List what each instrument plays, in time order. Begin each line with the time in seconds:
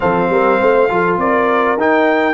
0.00 tuba F3, trombone C4, horn A4, trumpet F5
0.29 tuba G3, horn A#4
0.59 tuba A3, horn C5
0.88 tuba F3, trombone F4, horn A4
1.17 tuba C4, horn A#4, trumpet D5
1.76 tuba D#4, trombone D#4, trumpet G5